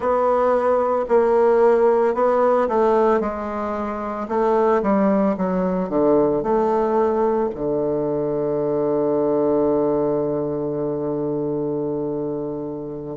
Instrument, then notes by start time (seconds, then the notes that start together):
bassoon
0.00 B3
1.08 A#3
2.14 B3
2.68 A3
3.20 G#3
4.28 A3
4.82 G3
5.37 F#3
5.89 D3
6.42 A3
7.54 D3